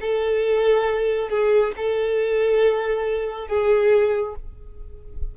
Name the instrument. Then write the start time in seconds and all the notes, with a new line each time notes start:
violin
0.00 A4
1.28 G#4
1.76 A4
3.47 G#4